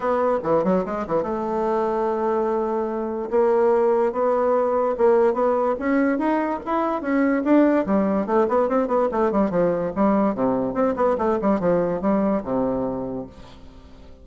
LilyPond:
\new Staff \with { instrumentName = "bassoon" } { \time 4/4 \tempo 4 = 145 b4 e8 fis8 gis8 e8 a4~ | a1 | ais2 b2 | ais4 b4 cis'4 dis'4 |
e'4 cis'4 d'4 g4 | a8 b8 c'8 b8 a8 g8 f4 | g4 c4 c'8 b8 a8 g8 | f4 g4 c2 | }